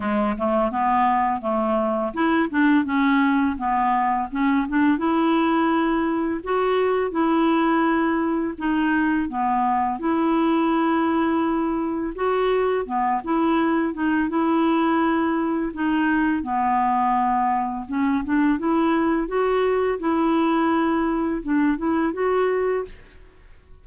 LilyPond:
\new Staff \with { instrumentName = "clarinet" } { \time 4/4 \tempo 4 = 84 gis8 a8 b4 a4 e'8 d'8 | cis'4 b4 cis'8 d'8 e'4~ | e'4 fis'4 e'2 | dis'4 b4 e'2~ |
e'4 fis'4 b8 e'4 dis'8 | e'2 dis'4 b4~ | b4 cis'8 d'8 e'4 fis'4 | e'2 d'8 e'8 fis'4 | }